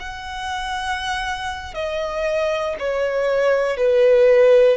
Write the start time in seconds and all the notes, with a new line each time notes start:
0.00 F#5
1.74 D#5
2.79 C#5
3.77 B4